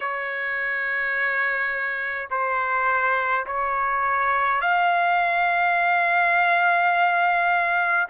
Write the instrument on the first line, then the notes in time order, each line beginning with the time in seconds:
trumpet
0.00 C#5
2.30 C5
3.46 C#5
4.61 F5